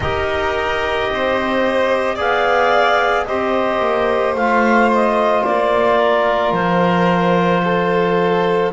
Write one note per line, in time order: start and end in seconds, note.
0.00 1.09 D#4
0.00 2.17 G4
0.00 1.10 A#4
0.00 2.17 D#5
1.10 2.19 C4
1.10 2.15 C5
2.15 3.27 B3
2.15 3.26 G#4
2.15 3.24 D5
2.15 3.25 F5
3.25 3.79 C4
3.25 4.36 G4
3.25 5.98 C5
3.25 4.34 D#5
3.79 4.34 A#3
4.34 5.43 A3
4.34 8.73 F4
4.34 4.90 F5
4.93 5.44 D#5
5.44 6.52 A#3
5.44 6.53 D5
5.98 7.61 A#4
6.52 8.70 F3
6.52 8.71 C5
7.63 8.72 A4